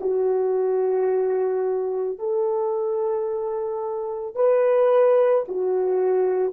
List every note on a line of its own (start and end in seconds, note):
0.00 2.18 F#4
2.18 4.35 A4
4.35 5.44 B4
5.47 6.53 F#4